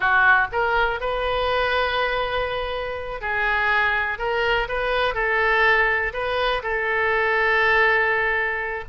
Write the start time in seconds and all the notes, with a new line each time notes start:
0.00 F#4
0.52 A#4
1.00 B4
3.21 G#4
4.18 A#4
4.68 B4
5.14 A4
6.13 B4
6.63 A4